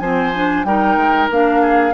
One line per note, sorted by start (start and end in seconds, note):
0.00 0.65 F3
0.00 0.34 C4
0.00 0.67 C5
0.00 0.65 G#5
0.35 0.66 D4
0.65 0.97 G3
0.65 1.31 D#4
0.65 1.62 A#4
0.65 1.30 G5
0.97 1.29 G#3
1.30 1.94 A#3
1.30 1.94 D4
1.30 1.94 F5
1.62 1.94 G#4